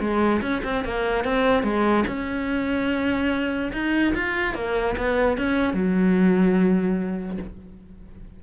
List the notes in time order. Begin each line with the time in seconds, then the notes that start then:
0.00 G#3
0.41 C#4
0.64 C4
0.84 A#3
1.24 C4
1.63 G#3
2.07 C#4
3.73 D#4
4.15 F4
4.54 A#3
4.97 B3
5.37 C#4
5.73 F#3